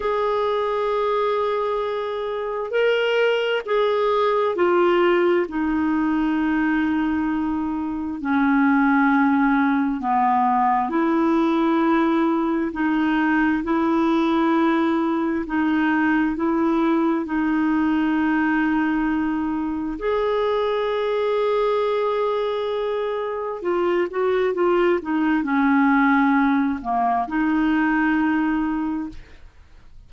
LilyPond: \new Staff \with { instrumentName = "clarinet" } { \time 4/4 \tempo 4 = 66 gis'2. ais'4 | gis'4 f'4 dis'2~ | dis'4 cis'2 b4 | e'2 dis'4 e'4~ |
e'4 dis'4 e'4 dis'4~ | dis'2 gis'2~ | gis'2 f'8 fis'8 f'8 dis'8 | cis'4. ais8 dis'2 | }